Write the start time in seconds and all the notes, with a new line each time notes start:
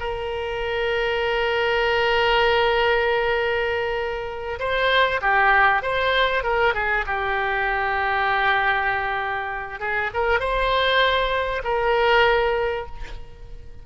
0.00 A#4
4.59 C5
5.21 G4
5.82 C5
6.44 A#4
6.74 G#4
7.06 G4
9.80 G#4
10.14 A#4
10.40 C5
11.64 A#4